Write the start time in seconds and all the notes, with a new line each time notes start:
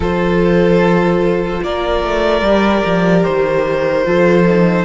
0.00 F3 F4 A4 C5
1.63 A#3 A#4 D5
2.03 A3
2.41 G3 G4
2.85 F3
3.23 D#3 C5
4.05 F3 F4 A4
4.46 D#4